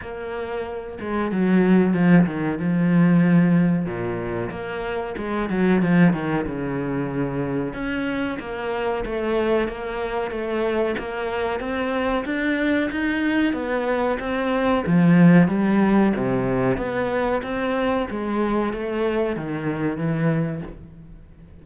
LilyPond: \new Staff \with { instrumentName = "cello" } { \time 4/4 \tempo 4 = 93 ais4. gis8 fis4 f8 dis8 | f2 ais,4 ais4 | gis8 fis8 f8 dis8 cis2 | cis'4 ais4 a4 ais4 |
a4 ais4 c'4 d'4 | dis'4 b4 c'4 f4 | g4 c4 b4 c'4 | gis4 a4 dis4 e4 | }